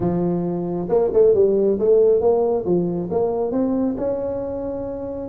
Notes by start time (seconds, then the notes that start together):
0.00 F3
0.88 A#3
1.13 A3
1.34 G3
1.79 A3
2.20 A#3
2.65 F3
3.10 A#3
3.51 C4
3.97 C#4